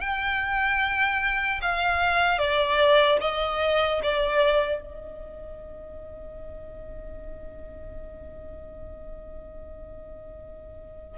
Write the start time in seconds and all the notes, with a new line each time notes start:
0.00 G5
1.61 F5
2.38 D5
3.20 D#5
4.03 D5
4.81 D#5